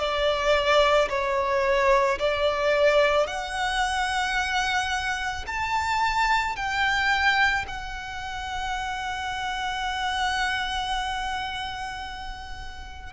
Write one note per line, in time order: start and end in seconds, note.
0.00 1.09 D5
1.10 2.19 C#5
2.19 3.27 D5
3.27 5.45 F#5
5.47 6.57 A5
6.57 7.66 G5
7.68 13.14 F#5